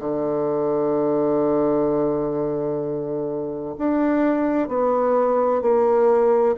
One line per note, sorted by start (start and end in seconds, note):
0.00 3.75 D3
3.78 4.69 D4
4.69 5.62 B3
5.62 6.56 A#3